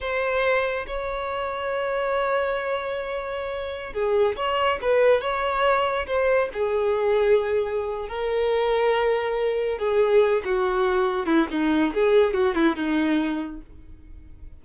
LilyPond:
\new Staff \with { instrumentName = "violin" } { \time 4/4 \tempo 4 = 141 c''2 cis''2~ | cis''1~ | cis''4~ cis''16 gis'4 cis''4 b'8.~ | b'16 cis''2 c''4 gis'8.~ |
gis'2. ais'4~ | ais'2. gis'4~ | gis'8 fis'2 e'8 dis'4 | gis'4 fis'8 e'8 dis'2 | }